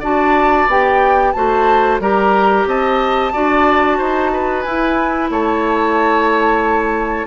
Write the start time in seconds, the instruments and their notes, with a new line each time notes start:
0.00 bassoon D4, clarinet F#4, oboe D5, flute A5
0.67 bassoon B3, clarinet G4, flute G5
1.33 bassoon A3, clarinet F#4, oboe C5, flute A5
2.00 bassoon G3, clarinet G4, oboe A#4, flute A#5
2.66 bassoon C4, oboe D#5, flute A5
3.33 bassoon D4, clarinet F#4, oboe D5
3.98 bassoon D#4, oboe C5
4.33 oboe B4
4.62 bassoon E4, clarinet E4, flute G#5
5.30 bassoon A3, oboe C#5, flute A5